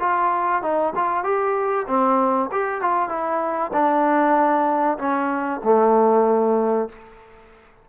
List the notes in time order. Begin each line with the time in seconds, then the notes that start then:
0.00 F4
0.62 D#4
0.95 F4
1.24 G4
1.88 C4
2.52 G4
2.82 F4
3.09 E4
3.73 D4
4.98 C#4
5.64 A3